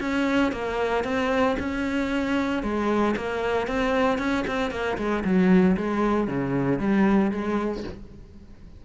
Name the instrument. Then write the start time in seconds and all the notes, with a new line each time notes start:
cello
0.00 C#4
0.52 A#3
1.04 C4
1.59 C#4
2.63 G#3
3.16 A#3
3.67 C4
4.19 C#4
4.47 C4
4.71 A#3
4.98 G#3
5.24 F#3
5.77 G#3
6.28 C#3
6.79 G3
7.31 G#3